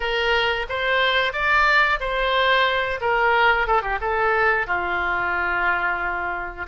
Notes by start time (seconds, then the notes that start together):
0.00 A#4
0.69 C5
1.32 D5
2.00 C5
3.01 A#4
3.67 A4
3.82 G4
4.00 A4
4.67 F4